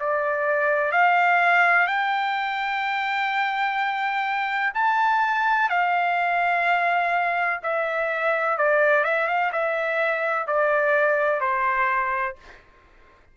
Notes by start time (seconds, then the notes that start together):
0.00 D5
0.92 F5
1.87 G5
4.74 A5
5.70 F5
7.63 E5
8.58 D5
9.04 E5
9.28 F5
9.52 E5
10.47 D5
11.41 C5